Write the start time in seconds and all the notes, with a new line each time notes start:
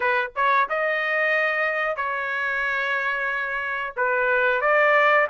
0.00 B4
0.35 C#5
0.69 D#5
1.96 C#5
3.96 B4
4.61 D5